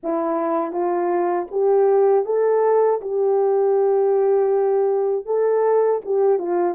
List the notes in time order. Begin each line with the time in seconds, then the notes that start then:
0.03 E4
0.71 F4
1.51 G4
2.25 A4
3.01 G4
5.25 A4
6.05 G4
6.38 F4